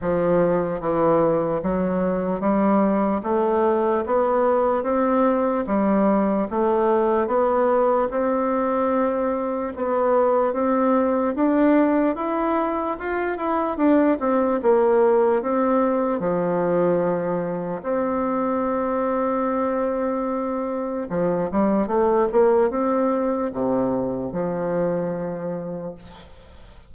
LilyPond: \new Staff \with { instrumentName = "bassoon" } { \time 4/4 \tempo 4 = 74 f4 e4 fis4 g4 | a4 b4 c'4 g4 | a4 b4 c'2 | b4 c'4 d'4 e'4 |
f'8 e'8 d'8 c'8 ais4 c'4 | f2 c'2~ | c'2 f8 g8 a8 ais8 | c'4 c4 f2 | }